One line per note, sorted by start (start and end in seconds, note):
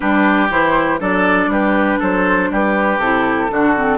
0.00 0.50 G3
0.00 0.48 D4
0.00 0.99 G4
0.00 0.49 B4
0.49 1.00 E3
0.49 0.99 E4
0.49 1.00 C5
0.99 1.46 F#3
0.99 2.99 D4
0.99 1.49 A4
0.99 1.51 D5
1.46 1.96 G3
1.46 1.99 G4
1.46 2.01 B4
1.99 2.50 F#3
1.99 2.49 A4
1.99 2.52 C5
2.50 2.98 G3
2.50 3.51 G4
2.50 2.99 B4
2.98 3.48 C3
2.98 3.49 E4
2.98 3.98 A4
3.49 3.98 D3
3.49 3.74 D4
3.49 3.98 F#4
3.76 3.98 C4